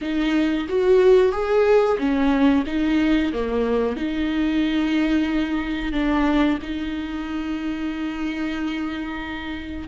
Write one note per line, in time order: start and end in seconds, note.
0.01 0.67 D#4
0.68 1.32 F#4
1.32 1.98 G#4
1.98 2.64 C#4
2.66 3.32 D#4
3.32 3.96 A#3
3.96 5.92 D#4
5.92 6.58 D4
6.62 9.88 D#4